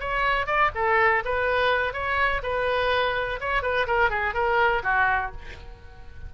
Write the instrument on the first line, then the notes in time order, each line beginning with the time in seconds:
oboe
0.00 C#5
0.46 D5
0.75 A4
1.25 B4
1.93 C#5
2.43 B4
3.40 C#5
3.62 B4
3.87 A#4
4.10 G#4
4.34 A#4
4.83 F#4